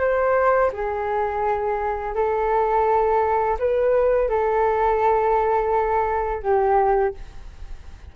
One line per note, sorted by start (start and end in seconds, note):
0.00 0.71 C5
0.74 2.16 G#4
2.16 3.58 A4
3.59 4.30 B4
4.30 6.43 A4
6.43 7.15 G4